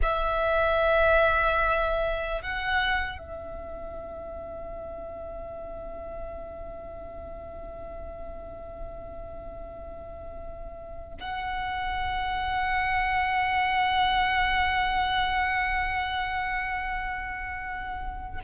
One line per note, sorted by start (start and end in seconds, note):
0.02 2.41 E5
2.41 3.18 F#5
3.18 11.18 E5
11.20 18.40 F#5